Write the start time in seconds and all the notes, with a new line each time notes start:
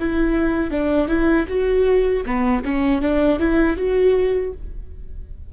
0.00 E4
0.71 D4
1.09 E4
1.48 F#4
2.26 B3
2.65 C#4
3.02 D4
3.39 E4
3.77 F#4